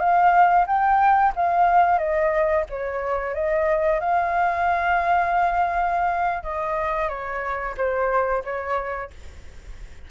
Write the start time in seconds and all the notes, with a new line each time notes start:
0.00 F5
0.67 G5
1.36 F5
1.99 D#5
2.70 C#5
3.34 D#5
4.00 F5
6.43 D#5
7.09 C#5
7.77 C5
8.45 C#5